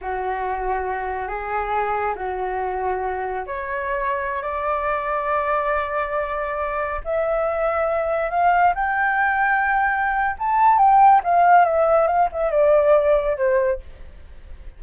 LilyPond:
\new Staff \with { instrumentName = "flute" } { \time 4/4 \tempo 4 = 139 fis'2. gis'4~ | gis'4 fis'2. | cis''2~ cis''16 d''4.~ d''16~ | d''1~ |
d''16 e''2. f''8.~ | f''16 g''2.~ g''8. | a''4 g''4 f''4 e''4 | f''8 e''8 d''2 c''4 | }